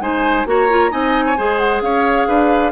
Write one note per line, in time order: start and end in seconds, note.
0.00 0.45 G#3
0.00 0.46 D#4
0.00 0.47 C5
0.00 0.46 G#5
0.46 0.91 A#3
0.46 0.68 F#4
0.46 0.91 C#5
0.46 0.92 A#5
0.70 0.90 F4
0.90 1.38 C4
0.90 1.36 D#4
0.90 1.25 D#5
0.90 1.58 G#5
1.26 1.38 C#5
1.38 1.82 G#3
1.38 2.72 G#4
1.38 1.83 C5
1.58 1.81 F#5
1.82 2.27 C#4
1.82 2.28 C#5
1.82 2.72 F5
2.28 2.72 D4
2.28 2.72 B4